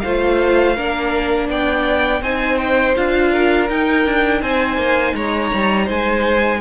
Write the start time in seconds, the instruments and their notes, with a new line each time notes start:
0.00 cello A3, viola F4, violin C5 F5
0.76 cello A#3, viola D4, violin A#4
1.49 cello B3, violin D5 G5
2.21 cello C4, viola D#4, violin C5 G#5
2.58 violin G5
2.96 cello D4, viola F4, violin F5
3.31 violin A#4
3.69 cello D#4, viola D#4, violin G5
4.05 cello D4
4.41 cello C4, violin C5 G#5
4.76 cello A#3
5.14 cello G#3, violin C#5 A#5
5.54 cello G3
5.84 cello G#3, violin C5 G#5